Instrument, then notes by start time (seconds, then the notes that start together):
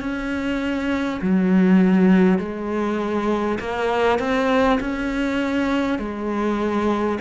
cello
0.00 C#4
1.22 F#3
2.39 G#3
3.60 A#3
4.19 C4
4.80 C#4
5.98 G#3